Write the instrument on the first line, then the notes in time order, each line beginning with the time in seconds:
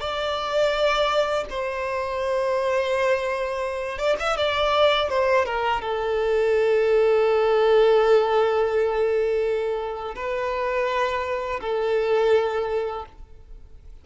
violin
0.00 D5
1.50 C5
3.98 D5
4.19 E5
4.37 D5
5.09 C5
5.45 A#4
5.81 A4
10.15 B4
11.61 A4